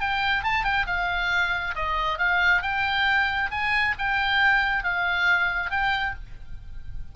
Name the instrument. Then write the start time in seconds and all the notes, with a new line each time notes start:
oboe
0.00 G5
0.44 A5
0.64 G5
0.86 F5
1.75 D#5
2.18 F5
2.62 G5
3.51 G#5
3.98 G5
4.83 F5
5.70 G5